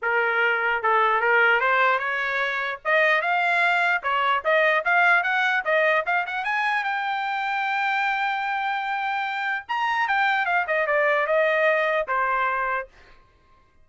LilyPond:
\new Staff \with { instrumentName = "trumpet" } { \time 4/4 \tempo 4 = 149 ais'2 a'4 ais'4 | c''4 cis''2 dis''4 | f''2 cis''4 dis''4 | f''4 fis''4 dis''4 f''8 fis''8 |
gis''4 g''2.~ | g''1 | ais''4 g''4 f''8 dis''8 d''4 | dis''2 c''2 | }